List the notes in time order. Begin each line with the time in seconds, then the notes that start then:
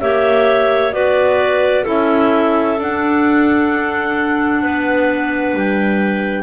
0.00 A#3 G4 C#5 E5
0.92 B3 F#4 B4 D5
1.84 C#4 E4 A4 E5
2.78 D4 F#5
4.62 B3 B4
5.54 G3 G5